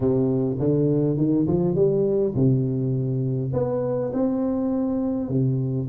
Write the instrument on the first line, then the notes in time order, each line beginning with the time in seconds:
tuba
0.00 C3
0.59 D3
1.17 D#3
1.46 F3
1.75 G3
2.34 C3
3.53 B3
4.13 C4
5.28 C3